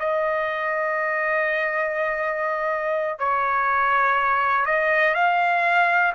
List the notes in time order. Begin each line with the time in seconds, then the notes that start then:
0.00 D#5
3.19 C#5
4.66 D#5
5.15 F5